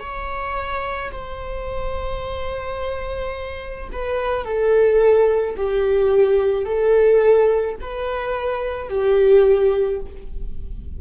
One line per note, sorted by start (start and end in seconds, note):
0.00 1.11 C#5
1.12 3.90 C5
3.92 4.44 B4
4.44 5.56 A4
5.57 6.65 G4
6.65 7.76 A4
7.81 8.89 B4
8.89 10.00 G4